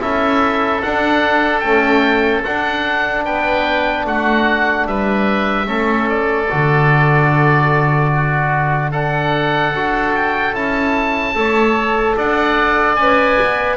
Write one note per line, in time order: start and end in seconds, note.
0.00 0.82 C#4
0.00 0.81 E4
0.00 3.25 A4
0.00 0.82 E5
0.82 1.64 D4
0.82 1.63 D4
0.82 1.60 F#5
1.60 2.44 A3
1.60 2.45 C#4
1.60 2.41 G5
2.45 5.66 D4
2.45 3.26 D4
2.45 3.25 F#5
3.25 4.05 B3
3.25 4.06 B4
3.25 4.06 G5
4.05 4.86 A3
4.05 4.88 F#4
4.05 4.87 F#5
4.86 5.67 G3
4.86 5.67 B4
4.86 6.09 E5
5.66 6.48 A3
5.66 6.47 C#4
5.66 8.10 A4
6.09 8.92 D5
6.49 9.74 D3
6.49 8.92 F#4
8.14 8.91 F#4
8.91 9.73 D4
8.91 11.34 A4
8.91 10.13 F#5
9.74 10.53 D4
9.74 10.54 F#4
10.15 10.55 G5
10.53 11.34 C#4
10.53 11.35 E4
10.53 12.17 A5
11.35 12.16 A3
11.35 12.97 A4
11.35 12.16 C#5
12.16 12.97 D4
12.16 13.77 D5
12.16 12.96 F#5
12.96 13.38 C#4
12.96 13.77 B4
12.96 13.77 G#5
13.40 13.77 B3